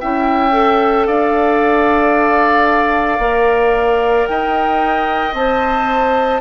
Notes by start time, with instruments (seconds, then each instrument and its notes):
0.00 bassoon C#4, clarinet E4, oboe E5, flute G5
0.52 clarinet A4
1.07 bassoon D4, oboe D5, flute F5
3.19 bassoon A#3, clarinet A#4
4.27 bassoon D#4, oboe D#5, flute G5
5.34 bassoon C4, clarinet C5, flute A5